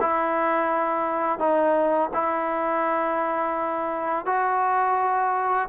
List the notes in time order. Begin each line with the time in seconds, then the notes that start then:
0.00 E4
1.39 D#4
2.13 E4
4.26 F#4